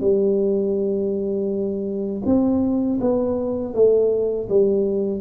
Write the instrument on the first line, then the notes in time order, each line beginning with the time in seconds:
tuba
0.00 G3
2.25 C4
3.00 B3
3.74 A3
4.49 G3